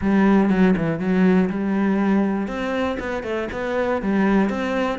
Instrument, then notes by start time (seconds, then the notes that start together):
cello
0.01 G3
0.49 F#3
0.77 E3
0.99 F#3
1.49 G3
2.47 C4
2.99 B3
3.23 A3
3.51 B3
4.01 G3
4.49 C4